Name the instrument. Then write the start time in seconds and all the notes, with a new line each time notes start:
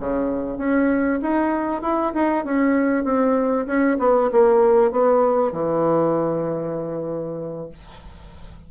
bassoon
0.00 C#3
0.58 C#4
1.22 D#4
1.82 E4
2.14 D#4
2.45 C#4
3.04 C4
3.67 C#4
3.99 B3
4.32 A#3
4.92 B3
5.52 E3